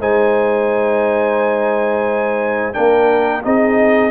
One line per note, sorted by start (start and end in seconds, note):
0.00 2.76 G#3
0.00 2.73 D#4
0.00 2.76 C5
0.00 2.74 G#5
2.73 3.45 A#3
2.73 3.42 D4
2.73 3.45 A#4
2.73 3.43 G5
3.44 4.11 C4
3.44 4.11 D#4
3.44 4.11 G#4
3.44 4.11 D#5